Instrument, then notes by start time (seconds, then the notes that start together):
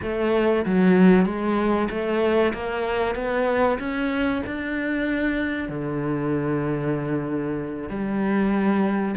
cello
0.01 A3
0.65 F#3
1.25 G#3
1.89 A3
2.53 A#3
3.15 B3
3.79 C#4
4.46 D4
5.68 D3
7.89 G3